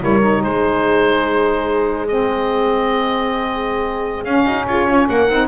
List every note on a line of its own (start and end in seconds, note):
0.00 0.44 G3
0.00 0.21 E4
0.00 0.45 A#4
0.00 0.43 C#5
0.21 2.07 D#4
0.43 4.25 G#3
0.43 4.45 G#4
0.43 2.08 C5
2.08 4.26 C4
2.08 4.25 D#5
4.25 4.46 C#4
4.25 5.30 C#4
4.25 4.66 F5
4.45 4.67 D#4
4.45 4.65 F#4
4.67 4.87 F4
4.67 4.88 G#4
4.67 5.09 C#5
4.87 5.08 C#4
4.87 5.09 F4
5.09 5.30 A#3
5.09 5.48 A#4
5.09 5.48 F#5
5.30 5.48 C4
5.30 5.48 D#4